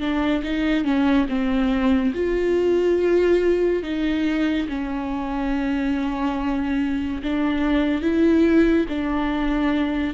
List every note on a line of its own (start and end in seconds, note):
0.00 0.42 D4
0.43 0.84 D#4
0.84 1.26 C#4
1.29 2.13 C4
2.15 3.83 F4
3.83 4.67 D#4
4.68 7.22 C#4
7.23 8.02 D4
8.02 8.86 E4
8.89 10.14 D4